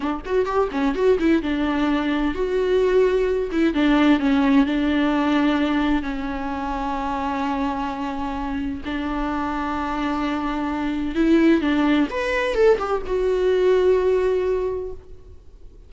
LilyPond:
\new Staff \with { instrumentName = "viola" } { \time 4/4 \tempo 4 = 129 d'8 fis'8 g'8 cis'8 fis'8 e'8 d'4~ | d'4 fis'2~ fis'8 e'8 | d'4 cis'4 d'2~ | d'4 cis'2.~ |
cis'2. d'4~ | d'1 | e'4 d'4 b'4 a'8 g'8 | fis'1 | }